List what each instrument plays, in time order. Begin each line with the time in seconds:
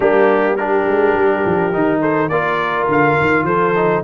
0.00 tuba G3, trombone A#3, horn D4, trumpet G4
0.56 trombone D4, horn G4, trumpet A#4
0.87 tuba G#3
1.13 tuba G3
1.45 tuba F3
1.72 tuba D#3, trombone D#4
2.00 horn A4, trumpet C5
2.28 tuba A#3, trombone F4, horn A#4, trumpet D5
2.87 tuba D3, trumpet F5
3.21 tuba D#3
3.43 tuba F3, horn A4, trumpet C5
3.75 trombone D#4